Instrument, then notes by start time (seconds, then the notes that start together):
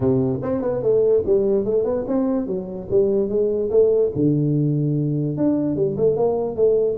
tuba
0.00 C3
0.42 C4
0.61 B3
0.82 A3
1.26 G3
1.64 A3
1.84 B3
2.07 C4
2.46 F#3
2.90 G3
3.29 G#3
3.70 A3
4.15 D3
5.37 D4
5.76 G3
5.97 A3
6.16 A#3
6.56 A3